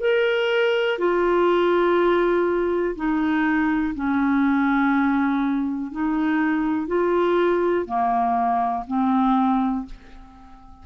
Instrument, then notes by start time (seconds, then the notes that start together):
clarinet
0.00 A#4
0.98 F4
2.95 D#4
3.94 C#4
5.91 D#4
6.87 F4
7.86 A#3
8.87 C4